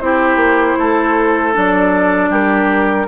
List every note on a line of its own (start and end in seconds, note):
0.00 0.36 C4
0.00 1.53 E4
0.00 0.78 G4
0.00 1.54 C5
0.36 0.75 A#3
0.78 1.55 A3
0.78 2.30 A4
1.53 2.30 F#3
1.53 3.07 D4
1.53 2.33 D5
2.30 3.07 G3
2.30 3.07 G4
2.30 3.08 A#4